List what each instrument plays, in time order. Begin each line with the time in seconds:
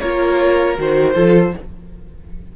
0.00 cello A#3, viola F4, violin A#4 C#5
0.77 cello D#3, viola F#4, violin C5
1.15 cello F3, viola F4, violin A4